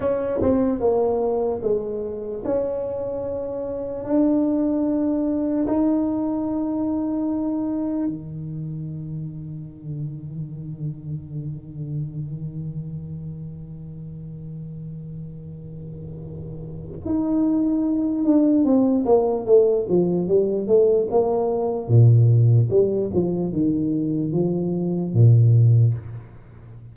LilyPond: \new Staff \with { instrumentName = "tuba" } { \time 4/4 \tempo 4 = 74 cis'8 c'8 ais4 gis4 cis'4~ | cis'4 d'2 dis'4~ | dis'2 dis2~ | dis1~ |
dis1~ | dis4 dis'4. d'8 c'8 ais8 | a8 f8 g8 a8 ais4 ais,4 | g8 f8 dis4 f4 ais,4 | }